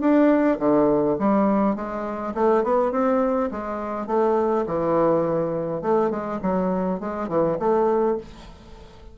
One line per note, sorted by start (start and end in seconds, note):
0.00 0.58 D4
0.59 1.17 D3
1.18 1.75 G3
1.75 2.33 G#3
2.34 2.63 A3
2.63 2.91 B3
2.91 3.50 C4
3.51 4.06 G#3
4.06 4.65 A3
4.66 5.81 E3
5.81 6.10 A3
6.10 6.39 G#3
6.41 7.00 F#3
7.00 7.28 G#3
7.28 7.57 E3
7.59 8.17 A3